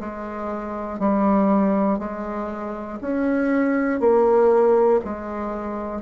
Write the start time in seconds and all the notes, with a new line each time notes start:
0.00 G#3
0.99 G3
1.99 G#3
3.00 C#4
4.00 A#3
5.04 G#3